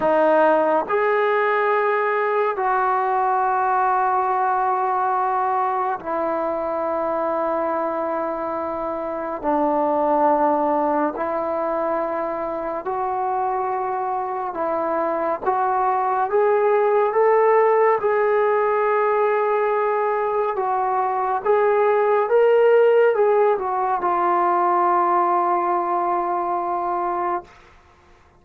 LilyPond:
\new Staff \with { instrumentName = "trombone" } { \time 4/4 \tempo 4 = 70 dis'4 gis'2 fis'4~ | fis'2. e'4~ | e'2. d'4~ | d'4 e'2 fis'4~ |
fis'4 e'4 fis'4 gis'4 | a'4 gis'2. | fis'4 gis'4 ais'4 gis'8 fis'8 | f'1 | }